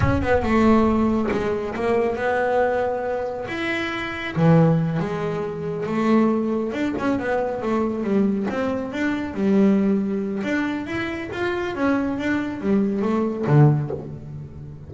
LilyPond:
\new Staff \with { instrumentName = "double bass" } { \time 4/4 \tempo 4 = 138 cis'8 b8 a2 gis4 | ais4 b2. | e'2 e4. gis8~ | gis4. a2 d'8 |
cis'8 b4 a4 g4 c'8~ | c'8 d'4 g2~ g8 | d'4 e'4 f'4 cis'4 | d'4 g4 a4 d4 | }